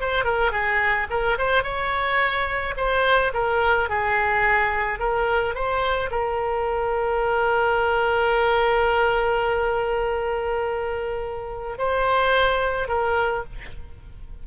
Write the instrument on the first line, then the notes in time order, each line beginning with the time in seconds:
oboe
0.00 C5
0.24 A#4
0.52 G#4
1.10 A#4
1.38 C5
1.63 C#5
2.77 C5
3.33 A#4
3.89 G#4
4.99 A#4
5.54 C5
6.11 A#4
11.78 C5
12.88 A#4